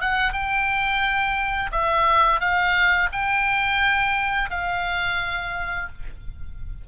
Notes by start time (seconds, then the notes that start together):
0.00 F#5
0.32 G5
1.71 E5
2.39 F5
3.12 G5
4.50 F5